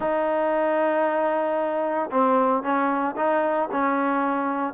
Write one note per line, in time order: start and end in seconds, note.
0.00 2.10 D#4
2.11 2.62 C4
2.62 3.15 C#4
3.16 3.69 D#4
3.71 4.73 C#4